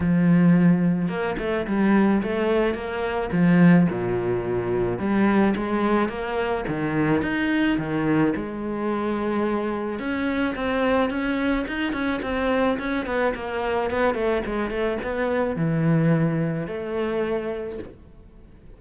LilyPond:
\new Staff \with { instrumentName = "cello" } { \time 4/4 \tempo 4 = 108 f2 ais8 a8 g4 | a4 ais4 f4 ais,4~ | ais,4 g4 gis4 ais4 | dis4 dis'4 dis4 gis4~ |
gis2 cis'4 c'4 | cis'4 dis'8 cis'8 c'4 cis'8 b8 | ais4 b8 a8 gis8 a8 b4 | e2 a2 | }